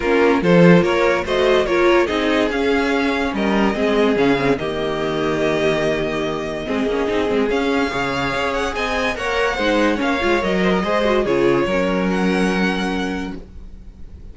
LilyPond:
<<
  \new Staff \with { instrumentName = "violin" } { \time 4/4 \tempo 4 = 144 ais'4 c''4 cis''4 dis''4 | cis''4 dis''4 f''2 | dis''2 f''4 dis''4~ | dis''1~ |
dis''2 f''2~ | f''8 fis''8 gis''4 fis''2 | f''4 dis''2 cis''4~ | cis''4 fis''2. | }
  \new Staff \with { instrumentName = "violin" } { \time 4/4 f'4 a'4 ais'4 c''4 | ais'4 gis'2. | ais'4 gis'2 g'4~ | g'1 |
gis'2. cis''4~ | cis''4 dis''4 cis''4 c''4 | cis''4. c''16 ais'16 c''4 gis'4 | ais'1 | }
  \new Staff \with { instrumentName = "viola" } { \time 4/4 cis'4 f'2 fis'4 | f'4 dis'4 cis'2~ | cis'4 c'4 cis'8 c'8 ais4~ | ais1 |
c'8 cis'8 dis'8 c'8 cis'4 gis'4~ | gis'2 ais'4 dis'4 | cis'8 f'8 ais'4 gis'8 fis'8 f'4 | cis'1 | }
  \new Staff \with { instrumentName = "cello" } { \time 4/4 ais4 f4 ais4 a4 | ais4 c'4 cis'2 | g4 gis4 cis4 dis4~ | dis1 |
gis8 ais8 c'8 gis8 cis'4 cis4 | cis'4 c'4 ais4 gis4 | ais8 gis8 fis4 gis4 cis4 | fis1 | }
>>